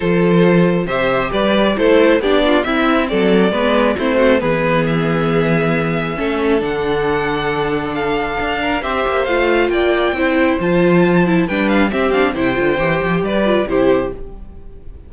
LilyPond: <<
  \new Staff \with { instrumentName = "violin" } { \time 4/4 \tempo 4 = 136 c''2 e''4 d''4 | c''4 d''4 e''4 d''4~ | d''4 c''4 b'4 e''4~ | e''2. fis''4~ |
fis''2 f''2 | e''4 f''4 g''2 | a''2 g''8 f''8 e''8 f''8 | g''2 d''4 c''4 | }
  \new Staff \with { instrumentName = "violin" } { \time 4/4 a'2 c''4 b'4 | a'4 g'8 f'8 e'4 a'4 | b'4 e'8 fis'8 gis'2~ | gis'2 a'2~ |
a'2.~ a'8 ais'8 | c''2 d''4 c''4~ | c''2 b'4 g'4 | c''2 b'4 g'4 | }
  \new Staff \with { instrumentName = "viola" } { \time 4/4 f'2 g'2 | e'4 d'4 c'2 | b4 c'4 b2~ | b2 cis'4 d'4~ |
d'1 | g'4 f'2 e'4 | f'4. e'8 d'4 c'8 d'8 | e'8 f'8 g'4. f'8 e'4 | }
  \new Staff \with { instrumentName = "cello" } { \time 4/4 f2 c4 g4 | a4 b4 c'4 fis4 | gis4 a4 e2~ | e2 a4 d4~ |
d2. d'4 | c'8 ais8 a4 ais4 c'4 | f2 g4 c'4 | c8 d8 e8 f8 g4 c4 | }
>>